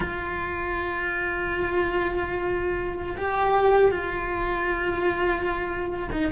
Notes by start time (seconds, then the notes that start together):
0.00 F4
3.17 G4
3.91 F4
6.11 D#4